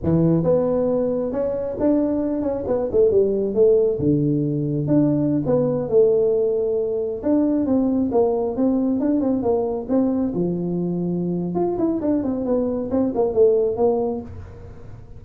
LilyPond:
\new Staff \with { instrumentName = "tuba" } { \time 4/4 \tempo 4 = 135 e4 b2 cis'4 | d'4. cis'8 b8 a8 g4 | a4 d2 d'4~ | d'16 b4 a2~ a8.~ |
a16 d'4 c'4 ais4 c'8.~ | c'16 d'8 c'8 ais4 c'4 f8.~ | f2 f'8 e'8 d'8 c'8 | b4 c'8 ais8 a4 ais4 | }